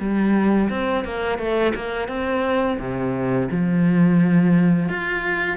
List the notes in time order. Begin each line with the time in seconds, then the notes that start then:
0.00 G3
0.70 C4
1.05 A#3
1.39 A3
1.75 A#3
2.08 C4
2.79 C3
3.52 F3
4.89 F4